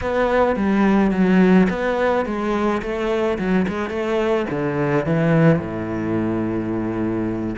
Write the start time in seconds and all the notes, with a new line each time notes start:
0.01 B3
0.56 G3
1.11 F#3
1.69 B3
2.25 G#3
2.81 A3
3.38 F#3
3.67 G#3
3.89 A3
4.50 D3
5.05 E3
5.59 A2